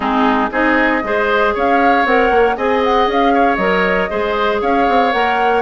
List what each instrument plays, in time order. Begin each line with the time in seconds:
0.00 bassoon G#3, clarinet C4, oboe D#4, flute G#4
0.51 bassoon C4, clarinet D#4, oboe G#4, flute D#5
1.03 bassoon G#3, clarinet G#4, oboe C5
1.54 bassoon C#4, oboe C#5, flute F5
2.05 bassoon C4, clarinet A#4, flute F#5
2.30 bassoon A#3
2.57 bassoon C4, clarinet G#4, oboe D#5, flute G#5
2.83 flute F#5
3.07 bassoon C#4, flute F5
3.33 oboe C#5
3.55 bassoon F#3, clarinet A#4, flute D#5
4.10 bassoon G#3, clarinet G#4, oboe C5
4.61 bassoon C#4, oboe C#5, flute F5
4.88 bassoon C4
5.12 bassoon A#3, clarinet A#4, flute F#5